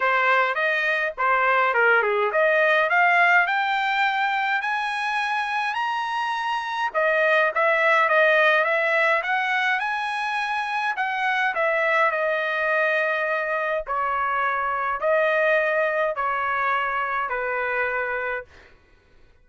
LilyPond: \new Staff \with { instrumentName = "trumpet" } { \time 4/4 \tempo 4 = 104 c''4 dis''4 c''4 ais'8 gis'8 | dis''4 f''4 g''2 | gis''2 ais''2 | dis''4 e''4 dis''4 e''4 |
fis''4 gis''2 fis''4 | e''4 dis''2. | cis''2 dis''2 | cis''2 b'2 | }